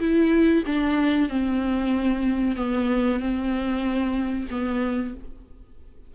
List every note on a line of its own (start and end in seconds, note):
0.00 0.64 E4
0.66 1.29 D4
1.29 2.56 C4
2.56 3.20 B3
3.20 4.48 C4
4.51 5.14 B3